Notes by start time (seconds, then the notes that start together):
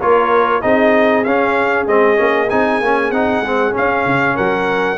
0.00 A#3 F4 A#4 C#5
0.62 C4 D#4 G#4 D#5
1.24 C#4 F5
1.87 G#3 C4 D#5
2.17 A#3 C#4
2.50 C4 D#4 G#5
2.81 A#3 C#4
3.11 C4 D#4 F#5
3.41 G#3 C4
3.72 C#4 F5
3.78 C#4
4.06 C#3
4.35 F#3 A#4 F#5